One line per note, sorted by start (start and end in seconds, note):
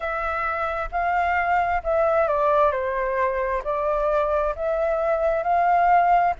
0.00 0.88 E5
0.91 1.82 F5
1.83 2.27 E5
2.27 2.71 D5
2.71 3.62 C5
3.64 4.55 D5
4.55 5.43 E5
5.43 6.34 F5